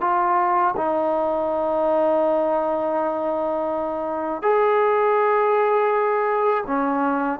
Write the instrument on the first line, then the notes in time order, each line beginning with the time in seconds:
trombone
0.00 F4
0.76 D#4
4.42 G#4
6.66 C#4